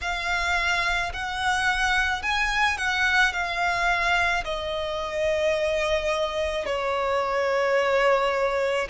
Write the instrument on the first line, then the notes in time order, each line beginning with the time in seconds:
violin
0.01 F5
1.13 F#5
2.22 G#5
2.77 F#5
3.32 F5
4.44 D#5
6.65 C#5